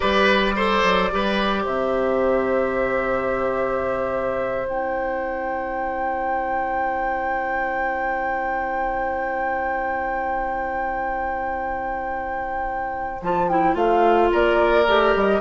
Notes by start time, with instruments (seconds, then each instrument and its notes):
0.00 bassoon G3, clarinet G4, oboe B4, flute D5
0.56 clarinet A4, oboe C5
0.83 bassoon F#3
1.11 bassoon G3, clarinet G4, oboe B4
1.62 bassoon C3, oboe C5, flute E5
4.66 bassoon C4, clarinet E4, flute G5
13.21 bassoon F3, clarinet F4, flute A5
13.48 clarinet E4, flute G5
13.74 bassoon A3, clarinet F4, flute F5
14.32 bassoon A#3, oboe A#4, flute D5
14.87 bassoon A3, clarinet G4
15.15 bassoon G3, flute D#5